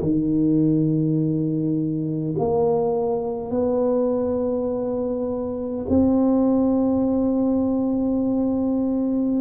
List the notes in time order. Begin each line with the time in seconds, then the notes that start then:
0.00 D#3
2.38 A#3
3.50 B3
5.89 C4